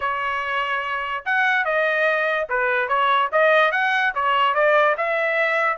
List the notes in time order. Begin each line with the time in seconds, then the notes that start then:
0.00 C#5
1.25 F#5
1.64 D#5
2.49 B4
2.88 C#5
3.32 D#5
3.71 F#5
4.15 C#5
4.54 D5
4.97 E5